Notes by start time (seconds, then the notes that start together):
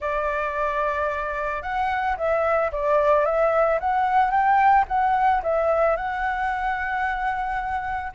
0.00 D5
1.62 F#5
2.17 E5
2.71 D5
3.25 E5
3.80 F#5
4.30 G5
4.87 F#5
5.43 E5
5.96 F#5